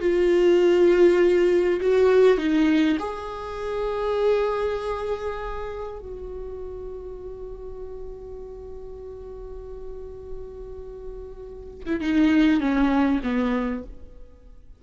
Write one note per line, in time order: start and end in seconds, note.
0.00 1.80 F4
1.80 2.37 F#4
2.37 2.97 D#4
2.99 5.98 G#4
5.98 11.83 F#4
11.86 12.00 E4
12.00 12.60 D#4
12.60 13.20 C#4
13.23 13.83 B3